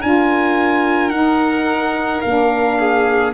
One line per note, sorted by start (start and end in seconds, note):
0.00 1.10 D4
0.00 1.11 F4
0.00 2.78 A#4
0.00 1.09 G#5
1.09 2.21 D#4
1.09 2.22 D#4
1.09 2.20 F#5
2.21 3.33 A#3
2.21 3.33 D4
2.21 3.32 F5
2.79 3.33 G#4